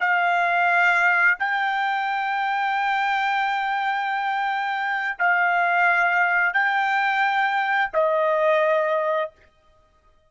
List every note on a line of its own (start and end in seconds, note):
0.00 1.38 F5
1.39 5.18 G5
5.19 6.54 F5
6.54 7.92 G5
7.93 9.31 D#5